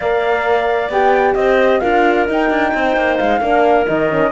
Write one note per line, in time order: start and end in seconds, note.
0.00 0.89 A#3
0.00 0.91 A#4
0.00 1.36 D5
0.00 0.90 F5
0.89 1.34 B3
0.89 1.82 G4
0.89 1.34 G5
1.34 1.80 C4
1.34 1.80 C5
1.34 1.79 D#5
1.79 2.28 D4
1.79 2.26 F4
1.79 2.71 A#4
1.79 2.25 F5
2.26 3.40 D#4
2.26 2.50 D#4
2.26 3.17 G5
2.50 2.72 D4
2.74 2.96 C4
2.74 3.41 C5
2.96 3.19 A#3
3.17 3.40 G#3
3.17 3.85 F5
3.40 3.86 A#3
3.40 3.85 D4
3.40 4.31 A#4
3.85 4.31 D#3
3.85 4.08 D#4
3.85 4.31 D#5
4.10 4.31 C#4